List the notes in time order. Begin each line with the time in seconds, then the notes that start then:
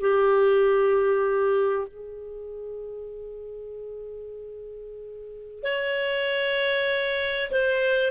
0.00 G4
1.88 G#4
5.63 C#5
7.51 C5